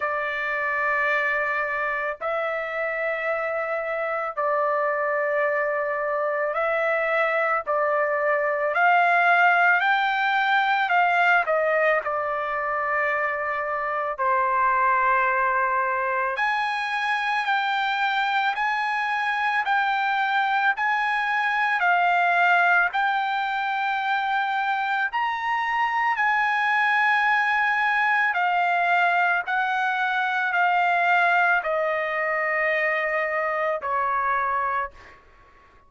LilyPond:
\new Staff \with { instrumentName = "trumpet" } { \time 4/4 \tempo 4 = 55 d''2 e''2 | d''2 e''4 d''4 | f''4 g''4 f''8 dis''8 d''4~ | d''4 c''2 gis''4 |
g''4 gis''4 g''4 gis''4 | f''4 g''2 ais''4 | gis''2 f''4 fis''4 | f''4 dis''2 cis''4 | }